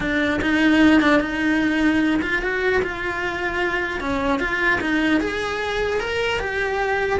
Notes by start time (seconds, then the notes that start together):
0.00 D4
0.41 D#4
1.01 D4
1.20 D#4
2.22 F4
2.42 F#4
2.82 F4
4.00 C#4
4.39 F4
4.80 D#4
5.20 G#4
6.00 A#4
6.39 G4